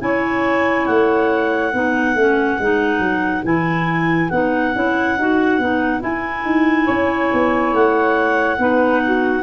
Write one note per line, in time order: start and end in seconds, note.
0.00 0.87 C#4
0.00 1.71 E4
0.00 1.72 C#5
0.00 0.86 G#5
0.86 1.73 A3
0.86 3.43 F#5
1.72 2.15 B3
1.72 2.17 D#4
1.72 6.85 B4
2.15 2.58 A3
2.15 2.60 C#4
2.59 2.99 G#3
2.59 3.44 D#4
2.99 3.42 F#3
3.44 4.30 E3
3.44 4.30 E4
3.44 4.29 G#5
4.29 4.74 B3
4.29 4.75 D#4
4.29 6.01 F#5
4.75 5.17 C#4
4.75 5.18 E4
5.17 5.59 D#4
5.17 5.61 F#4
5.59 6.02 B3
5.59 6.00 D#4
6.00 8.57 E4
6.00 6.44 E4
6.00 7.75 G#5
6.44 6.87 D#4
6.85 7.32 C#4
6.85 8.56 C#5
7.33 7.73 B3
7.73 8.58 A3
7.73 9.42 F#5
8.58 9.42 B3
8.58 9.42 D#4
8.58 9.02 B4
9.03 9.42 F#4